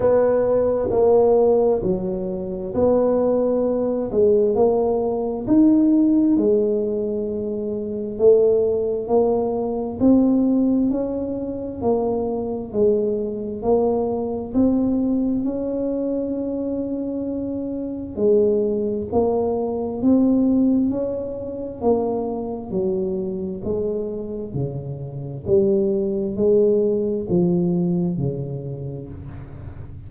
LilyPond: \new Staff \with { instrumentName = "tuba" } { \time 4/4 \tempo 4 = 66 b4 ais4 fis4 b4~ | b8 gis8 ais4 dis'4 gis4~ | gis4 a4 ais4 c'4 | cis'4 ais4 gis4 ais4 |
c'4 cis'2. | gis4 ais4 c'4 cis'4 | ais4 fis4 gis4 cis4 | g4 gis4 f4 cis4 | }